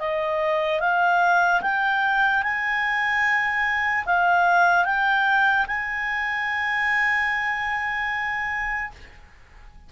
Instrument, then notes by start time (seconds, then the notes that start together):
clarinet
0.00 D#5
0.81 F5
1.62 G5
2.43 G#5
4.06 F5
4.85 G5
5.68 G#5